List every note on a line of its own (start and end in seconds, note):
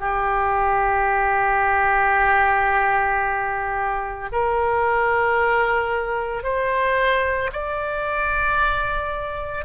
0.00 4.29 G4
4.32 6.43 A#4
6.43 7.50 C5
7.52 9.65 D5